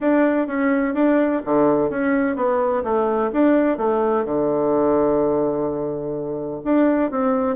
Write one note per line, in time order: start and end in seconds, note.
0.00 0.47 D4
0.47 0.94 C#4
0.94 1.41 D4
1.45 1.90 D3
1.90 2.36 C#4
2.36 2.83 B3
2.83 3.30 A3
3.32 3.77 D4
3.77 4.24 A3
4.24 6.61 D3
6.64 7.11 D4
7.11 7.56 C4